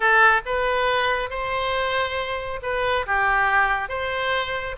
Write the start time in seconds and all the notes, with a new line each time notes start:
0.00 A4
0.45 B4
1.29 C5
2.62 B4
3.06 G4
3.89 C5